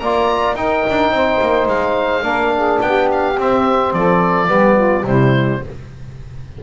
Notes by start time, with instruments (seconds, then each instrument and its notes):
0.00 double bass A#3, trombone F4, saxophone D5, oboe A#5
0.55 double bass D#4, trombone D#4, saxophone A#4, oboe G5
0.90 double bass D4
1.11 double bass C4
1.17 saxophone C5
1.42 double bass A#3
1.67 double bass G#3, oboe F5
2.23 double bass A#3, trombone D4, saxophone A#4
2.56 saxophone G#4
2.81 double bass B3, saxophone G4, oboe G5
3.12 oboe F5
3.37 double bass C4, trombone C4, oboe E5
3.93 double bass F3, saxophone A4, oboe D5
4.48 double bass G3, trombone B3, saxophone G4
4.76 saxophone F4
5.04 double bass C3, trombone G3, saxophone E4, oboe C5